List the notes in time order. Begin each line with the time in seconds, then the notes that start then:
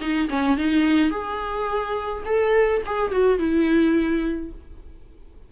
0.00 D#4
0.29 C#4
0.57 D#4
1.10 G#4
2.25 A4
2.85 G#4
3.11 F#4
3.38 E4